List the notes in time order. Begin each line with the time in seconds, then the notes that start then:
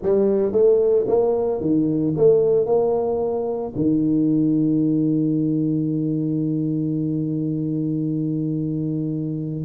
0.02 G3
0.52 A3
1.07 A#3
1.60 D#3
2.16 A3
2.66 A#3
3.75 D#3